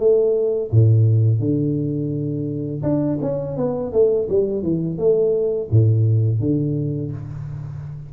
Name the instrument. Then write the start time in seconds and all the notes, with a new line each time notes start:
tuba
0.00 A3
0.72 A2
1.40 D3
2.83 D4
3.22 C#4
3.57 B3
3.93 A3
4.30 G3
4.63 E3
4.98 A3
5.71 A2
6.41 D3